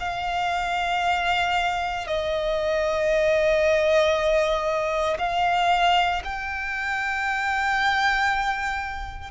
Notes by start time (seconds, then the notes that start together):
0.00 F5
2.07 D#5
5.19 F5
6.24 G5